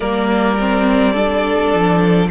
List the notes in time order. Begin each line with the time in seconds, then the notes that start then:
0.00 G3 A#3 A#4 D5
0.59 C4
1.12 D4 A4
1.73 F3